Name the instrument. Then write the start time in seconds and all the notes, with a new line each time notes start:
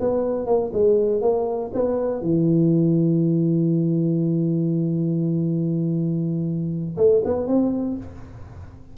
tuba
0.00 B3
0.46 A#3
0.73 G#3
1.21 A#3
1.74 B3
2.22 E3
6.97 A3
7.25 B3
7.47 C4